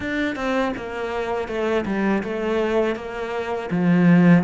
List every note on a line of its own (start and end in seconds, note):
0.00 0.35 D4
0.35 0.72 C4
0.76 1.47 A#3
1.47 1.85 A3
1.85 2.22 G3
2.23 2.95 A3
2.95 3.69 A#3
3.70 4.44 F3